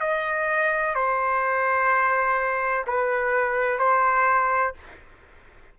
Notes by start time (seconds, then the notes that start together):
0.00 D#5
0.95 C5
2.87 B4
3.79 C5